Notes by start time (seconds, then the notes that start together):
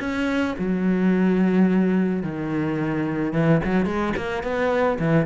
0.00 C#4
0.59 F#3
2.23 D#3
3.33 E3
3.65 F#3
3.86 G#3
4.17 A#3
4.43 B3
4.99 E3